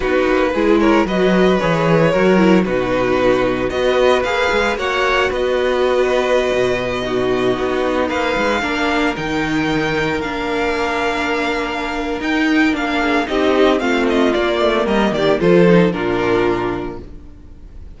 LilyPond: <<
  \new Staff \with { instrumentName = "violin" } { \time 4/4 \tempo 4 = 113 b'4. cis''8 dis''4 cis''4~ | cis''4 b'2 dis''4 | f''4 fis''4 dis''2~ | dis''2.~ dis''16 f''8.~ |
f''4~ f''16 g''2 f''8.~ | f''2. g''4 | f''4 dis''4 f''8 dis''8 d''4 | dis''8 d''8 c''4 ais'2 | }
  \new Staff \with { instrumentName = "violin" } { \time 4/4 fis'4 gis'8 ais'8 b'2 | ais'4 fis'2 b'4~ | b'4 cis''4 b'2~ | b'4~ b'16 fis'2 b'8.~ |
b'16 ais'2.~ ais'8.~ | ais'1~ | ais'8 gis'8 g'4 f'2 | ais'8 g'8 a'4 f'2 | }
  \new Staff \with { instrumentName = "viola" } { \time 4/4 dis'4 e'4 fis'4 gis'4 | fis'8 e'8 dis'2 fis'4 | gis'4 fis'2.~ | fis'4~ fis'16 dis'2~ dis'8.~ |
dis'16 d'4 dis'2 d'8.~ | d'2. dis'4 | d'4 dis'4 c'4 ais4~ | ais4 f'8 dis'8 d'2 | }
  \new Staff \with { instrumentName = "cello" } { \time 4/4 b8 ais8 gis4 fis4 e4 | fis4 b,2 b4 | ais8 gis8 ais4 b2~ | b16 b,2 b4 ais8 gis16~ |
gis16 ais4 dis2 ais8.~ | ais2. dis'4 | ais4 c'4 a4 ais8 a8 | g8 dis8 f4 ais,2 | }
>>